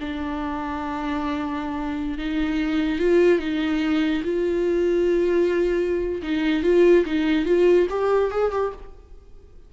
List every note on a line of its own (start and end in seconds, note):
0.00 2.18 D4
2.18 2.99 D#4
2.99 3.39 F4
3.39 4.23 D#4
4.24 6.22 F4
6.23 6.63 D#4
6.63 7.05 F4
7.06 7.46 D#4
7.46 7.87 F4
7.90 8.31 G4
8.31 8.52 G#4
8.52 8.73 G4